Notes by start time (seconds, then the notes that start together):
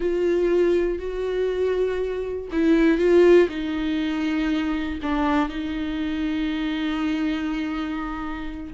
0.00 F4
0.99 F#4
2.51 E4
2.98 F4
3.48 D#4
5.02 D4
5.48 D#4